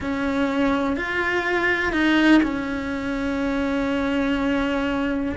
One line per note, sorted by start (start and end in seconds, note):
0.00 0.96 C#4
0.96 1.92 F4
1.92 2.41 D#4
2.43 5.35 C#4